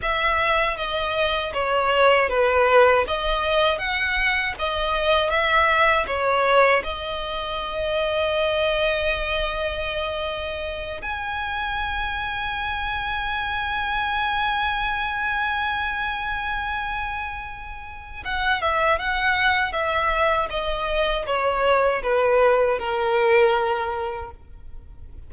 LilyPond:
\new Staff \with { instrumentName = "violin" } { \time 4/4 \tempo 4 = 79 e''4 dis''4 cis''4 b'4 | dis''4 fis''4 dis''4 e''4 | cis''4 dis''2.~ | dis''2~ dis''8 gis''4.~ |
gis''1~ | gis''1 | fis''8 e''8 fis''4 e''4 dis''4 | cis''4 b'4 ais'2 | }